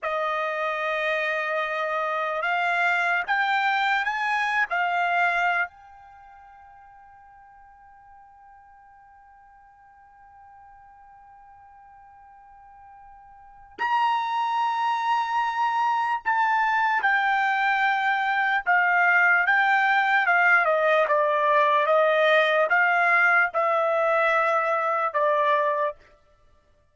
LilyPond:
\new Staff \with { instrumentName = "trumpet" } { \time 4/4 \tempo 4 = 74 dis''2. f''4 | g''4 gis''8. f''4~ f''16 g''4~ | g''1~ | g''1~ |
g''4 ais''2. | a''4 g''2 f''4 | g''4 f''8 dis''8 d''4 dis''4 | f''4 e''2 d''4 | }